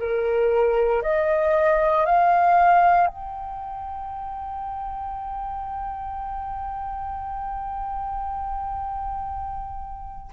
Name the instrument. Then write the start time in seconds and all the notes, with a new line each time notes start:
flute
0.00 A#4
1.03 D#5
2.06 F5
3.07 G5